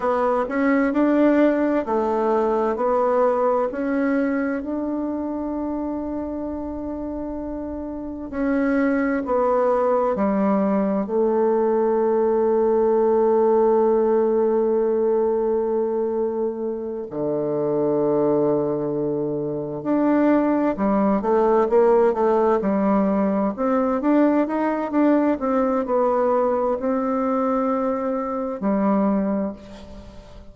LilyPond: \new Staff \with { instrumentName = "bassoon" } { \time 4/4 \tempo 4 = 65 b8 cis'8 d'4 a4 b4 | cis'4 d'2.~ | d'4 cis'4 b4 g4 | a1~ |
a2~ a8 d4.~ | d4. d'4 g8 a8 ais8 | a8 g4 c'8 d'8 dis'8 d'8 c'8 | b4 c'2 g4 | }